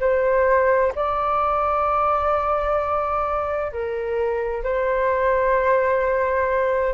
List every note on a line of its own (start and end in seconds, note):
0.00 0.92 C5
0.95 3.72 D5
3.72 4.64 A#4
4.64 6.94 C5